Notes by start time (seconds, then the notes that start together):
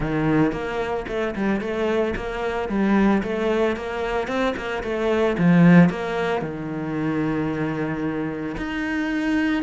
0.00 D#3
0.52 A#3
1.08 A3
1.35 G3
1.60 A3
2.16 A#3
2.68 G3
3.22 A3
3.76 A#3
4.27 C4
4.56 A#3
4.83 A3
5.37 F3
5.89 A#3
6.41 D#3
8.57 D#4